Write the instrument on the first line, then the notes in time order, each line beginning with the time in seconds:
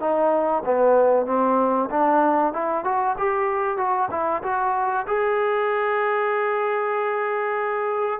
trombone
0.00 D#4
0.65 B3
1.26 C4
1.90 D4
2.53 E4
2.84 F#4
3.18 G4
3.78 F#4
4.11 E4
4.43 F#4
5.07 G#4